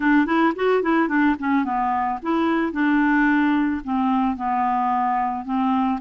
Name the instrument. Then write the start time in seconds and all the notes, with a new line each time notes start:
clarinet
0.00 D4
0.26 E4
0.55 F#4
0.82 E4
1.08 D4
1.39 C#4
1.64 B3
2.22 E4
2.72 D4
3.83 C4
4.36 B3
5.44 C4